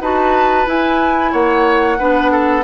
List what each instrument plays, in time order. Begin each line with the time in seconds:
0.00 bassoon D#4, clarinet F#4, oboe B4, flute A5
0.66 clarinet E4, bassoon E4, flute G#5
1.32 bassoon A#3, oboe C#5, flute F#5
1.99 bassoon B3, clarinet D4, oboe B4
2.31 oboe A4